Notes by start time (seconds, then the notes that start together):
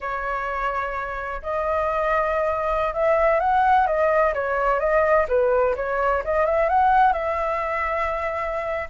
0.00 C#5
1.42 D#5
2.93 E5
3.40 F#5
3.87 D#5
4.34 C#5
4.79 D#5
5.28 B4
5.76 C#5
6.24 D#5
6.45 E5
6.69 F#5
7.12 E5